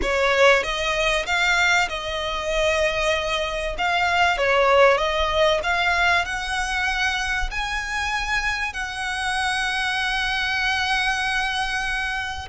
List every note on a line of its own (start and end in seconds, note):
0.02 0.62 C#5
0.62 1.25 D#5
1.26 1.88 F5
1.88 3.76 D#5
3.78 4.37 F5
4.37 4.97 C#5
4.97 5.60 D#5
5.63 6.25 F5
6.25 7.50 F#5
7.50 8.73 G#5
8.73 12.48 F#5